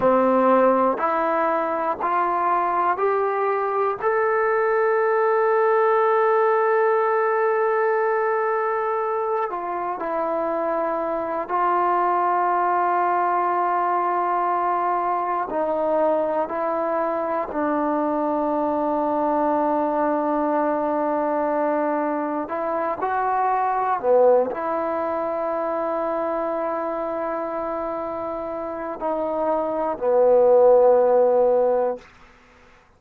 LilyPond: \new Staff \with { instrumentName = "trombone" } { \time 4/4 \tempo 4 = 60 c'4 e'4 f'4 g'4 | a'1~ | a'4. f'8 e'4. f'8~ | f'2.~ f'8 dis'8~ |
dis'8 e'4 d'2~ d'8~ | d'2~ d'8 e'8 fis'4 | b8 e'2.~ e'8~ | e'4 dis'4 b2 | }